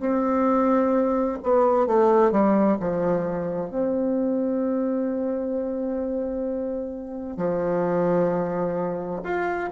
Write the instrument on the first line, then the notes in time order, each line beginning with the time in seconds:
bassoon
0.00 C4
1.43 B3
1.87 A3
2.32 G3
2.80 F3
3.70 C4
7.37 F3
9.23 F4